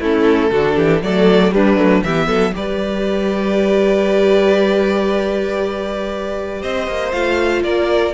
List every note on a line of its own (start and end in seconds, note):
0.00 0.51 A3
0.00 0.52 C#4
0.00 0.51 E4
0.00 1.03 A4
0.51 0.77 D3
0.51 1.03 D4
0.51 0.76 F#4
0.76 1.02 E3
0.76 1.02 G4
1.02 1.53 F#3
1.02 1.52 A3
1.02 1.54 A4
1.02 1.54 D5
1.52 1.77 G3
1.52 2.05 D4
1.52 2.04 B4
1.77 2.03 F#3
1.77 2.03 A3
2.04 2.28 E3
2.04 2.53 B3
2.04 2.28 G4
2.04 2.54 E5
2.28 2.54 F#3
2.28 2.53 A4
2.53 6.63 G3
2.53 7.11 G4
2.53 6.62 B4
2.53 6.63 D5
6.62 6.88 C4
6.62 7.64 C5
6.62 7.12 D#5
6.88 7.13 A#3
7.12 7.64 A3
7.12 8.14 F4
7.12 7.63 F5
7.63 8.14 A#3
7.63 8.14 A#4
7.63 8.14 D5